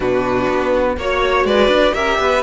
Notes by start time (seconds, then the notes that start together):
0.00 B2 D4 F#4 B4
0.48 B3
0.97 A#3 F#4 C#5
1.44 G#3 B4 D5
1.68 D4
1.93 C#4 G4 A#4 E5
2.19 B3 B4